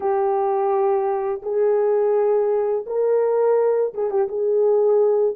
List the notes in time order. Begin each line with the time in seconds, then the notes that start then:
0.00 G4
1.42 G#4
2.86 A#4
3.94 G#4
4.10 G4
4.28 G#4